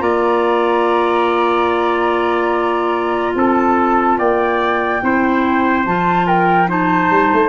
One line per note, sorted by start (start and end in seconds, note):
0.00 3.34 A#3
0.00 5.00 F4
0.00 3.36 D5
0.00 3.34 A#5
3.35 4.18 C4
3.35 4.18 A4
3.35 4.19 A5
4.18 5.01 A#3
4.18 5.02 D5
4.18 5.85 G5
5.02 5.86 C4
5.02 5.85 E4
5.02 6.27 C5
5.86 7.10 F3
5.86 6.67 F4
5.86 6.27 A5
6.27 6.68 A#4
6.27 6.69 G5
6.67 7.49 D#4
6.67 7.49 C5
6.67 7.49 A5
7.10 7.31 G3
7.32 7.49 A3